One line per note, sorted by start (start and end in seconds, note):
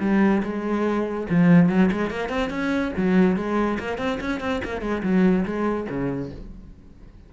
0.00 0.42 G3
0.43 1.27 G#3
1.29 1.69 F3
1.69 1.90 F#3
1.91 2.10 G#3
2.10 2.29 A#3
2.29 2.50 C4
2.50 2.92 C#4
2.97 3.36 F#3
3.36 3.78 G#3
3.79 3.97 A#3
3.97 4.18 C4
4.20 4.40 C#4
4.40 4.61 C4
4.64 4.81 A#3
4.81 5.02 G#3
5.03 5.45 F#3
5.45 5.87 G#3
5.89 6.31 C#3